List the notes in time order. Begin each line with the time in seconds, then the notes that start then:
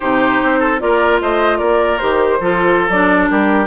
0.00 C3 D#4 G4 C5
0.42 C4
0.59 A4
0.79 A#3 F4 A#4 D5
1.21 A3 C5 D#5
1.57 A#3 A#4 D5
1.98 D#3 G4 C5
2.40 F3 F4 A4
2.89 F#3 D4 D5
3.30 G3 G4 A#4